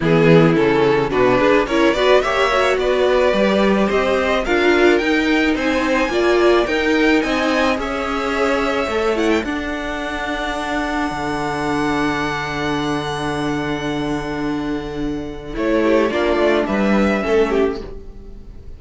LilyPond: <<
  \new Staff \with { instrumentName = "violin" } { \time 4/4 \tempo 4 = 108 gis'4 a'4 b'4 cis''8 d''8 | e''4 d''2 dis''4 | f''4 g''4 gis''2 | g''4 gis''4 e''2~ |
e''8 fis''16 g''16 fis''2.~ | fis''1~ | fis''1 | cis''4 d''4 e''2 | }
  \new Staff \with { instrumentName = "violin" } { \time 4/4 e'2 fis'8 gis'8 ais'8 b'8 | cis''4 b'2 c''4 | ais'2 c''4 d''4 | ais'4 dis''4 cis''2~ |
cis''4 a'2.~ | a'1~ | a'1~ | a'8 g'8 f'4 b'4 a'8 g'8 | }
  \new Staff \with { instrumentName = "viola" } { \time 4/4 b4 cis'4 d'4 e'8 fis'8 | g'8 fis'4. g'2 | f'4 dis'2 f'4 | dis'2 gis'2 |
a'8 e'8 d'2.~ | d'1~ | d'1 | e'4 d'2 cis'4 | }
  \new Staff \with { instrumentName = "cello" } { \time 4/4 e4 cis4 b,8 d'8 cis'8 b8 | ais4 b4 g4 c'4 | d'4 dis'4 c'4 ais4 | dis'4 c'4 cis'2 |
a4 d'2. | d1~ | d1 | a4 ais8 a8 g4 a4 | }
>>